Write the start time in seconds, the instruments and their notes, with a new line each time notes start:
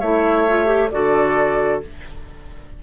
0.00 bassoon A3, clarinet E4, oboe C#5, flute E5
0.48 clarinet F4
0.65 clarinet G4
0.91 bassoon D3, clarinet F#4, oboe A4, flute D5